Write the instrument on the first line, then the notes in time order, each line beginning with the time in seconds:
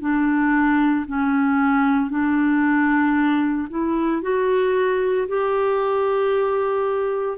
clarinet
0.00 D4
1.06 C#4
2.10 D4
3.69 E4
4.22 F#4
5.27 G4